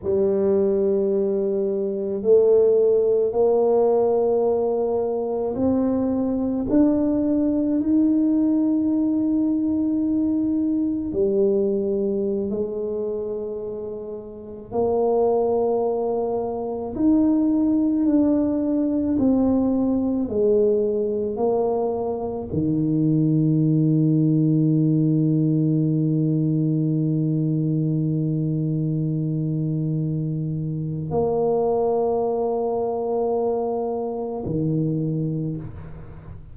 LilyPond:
\new Staff \with { instrumentName = "tuba" } { \time 4/4 \tempo 4 = 54 g2 a4 ais4~ | ais4 c'4 d'4 dis'4~ | dis'2 g4~ g16 gis8.~ | gis4~ gis16 ais2 dis'8.~ |
dis'16 d'4 c'4 gis4 ais8.~ | ais16 dis2.~ dis8.~ | dis1 | ais2. dis4 | }